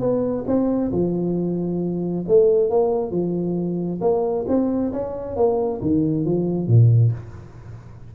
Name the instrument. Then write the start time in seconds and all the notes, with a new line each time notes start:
tuba
0.00 B3
0.47 C4
0.92 F3
2.28 A3
2.70 A#3
3.11 F3
4.01 A#3
4.48 C4
4.93 C#4
5.36 A#3
5.81 D#3
6.25 F3
6.67 A#2